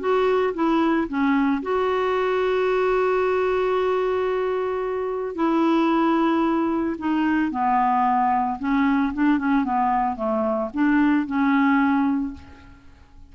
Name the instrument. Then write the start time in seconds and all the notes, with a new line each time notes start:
clarinet
0.00 F#4
0.54 E4
1.08 C#4
1.63 F#4
5.35 E4
6.99 D#4
7.51 B3
8.60 C#4
9.14 D4
9.38 C#4
9.65 B3
10.16 A3
10.74 D4
11.27 C#4